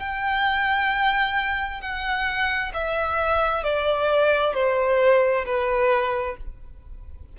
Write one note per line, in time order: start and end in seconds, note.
0.00 1.81 G5
1.81 2.72 F#5
2.74 3.64 E5
3.64 4.54 D5
4.54 5.45 C5
5.46 6.37 B4